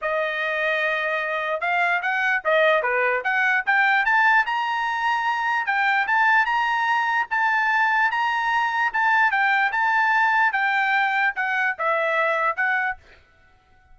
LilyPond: \new Staff \with { instrumentName = "trumpet" } { \time 4/4 \tempo 4 = 148 dis''1 | f''4 fis''4 dis''4 b'4 | fis''4 g''4 a''4 ais''4~ | ais''2 g''4 a''4 |
ais''2 a''2 | ais''2 a''4 g''4 | a''2 g''2 | fis''4 e''2 fis''4 | }